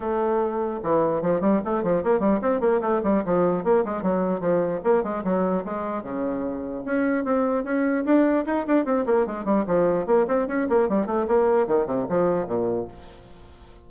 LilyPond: \new Staff \with { instrumentName = "bassoon" } { \time 4/4 \tempo 4 = 149 a2 e4 f8 g8 | a8 f8 ais8 g8 c'8 ais8 a8 g8 | f4 ais8 gis8 fis4 f4 | ais8 gis8 fis4 gis4 cis4~ |
cis4 cis'4 c'4 cis'4 | d'4 dis'8 d'8 c'8 ais8 gis8 g8 | f4 ais8 c'8 cis'8 ais8 g8 a8 | ais4 dis8 c8 f4 ais,4 | }